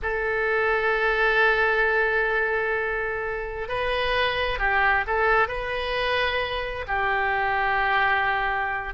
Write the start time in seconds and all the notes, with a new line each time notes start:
0.02 A4
3.68 B4
4.58 G4
5.06 A4
5.48 B4
6.87 G4